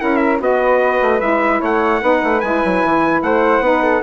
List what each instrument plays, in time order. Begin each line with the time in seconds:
0.00 bassoon C#4, saxophone E4, flute A#4, trumpet F#5
0.17 trumpet E5
0.40 bassoon B3, saxophone F#4, flute B4, trumpet D#5
1.02 bassoon A3
1.20 bassoon G#3, saxophone E4, trumpet E5
1.61 bassoon A3, flute C#5, trumpet F#5
2.02 bassoon B3, saxophone D#4, flute B4
2.23 bassoon A3
2.41 bassoon G#3, saxophone E4, trumpet G#5
2.65 bassoon F#3
2.84 bassoon E3
3.23 bassoon A3, flute C5, trumpet F#5
3.60 bassoon B3, saxophone D#4, flute B4
3.83 flute A4